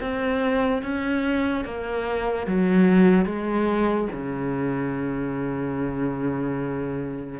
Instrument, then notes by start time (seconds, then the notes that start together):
cello
0.00 C4
0.82 C#4
1.64 A#3
2.47 F#3
3.25 G#3
4.12 C#3